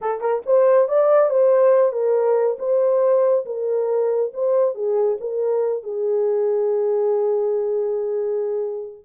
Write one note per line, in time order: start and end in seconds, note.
0.01 0.20 A4
0.20 0.42 A#4
0.45 0.88 C5
0.88 1.29 D5
1.29 1.92 C5
1.92 2.57 A#4
2.58 3.45 C5
3.45 4.32 A#4
4.33 4.74 C5
4.74 5.17 G#4
5.20 5.83 A#4
5.83 9.05 G#4